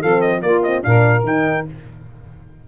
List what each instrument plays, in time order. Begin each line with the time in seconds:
0.00 tuba F3, horn C4, saxophone A4, trumpet F5
0.21 trumpet D#5
0.42 tuba A#3, horn A#3, saxophone F4, trumpet D5
0.63 horn C4, trumpet D#5
0.82 tuba A#2, horn D4, saxophone A#4, trumpet F5
1.23 tuba D#3, horn D#4, trumpet G5